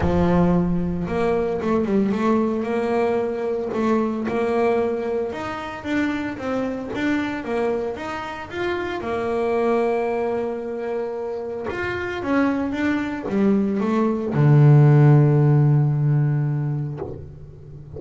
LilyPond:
\new Staff \with { instrumentName = "double bass" } { \time 4/4 \tempo 4 = 113 f2 ais4 a8 g8 | a4 ais2 a4 | ais2 dis'4 d'4 | c'4 d'4 ais4 dis'4 |
f'4 ais2.~ | ais2 f'4 cis'4 | d'4 g4 a4 d4~ | d1 | }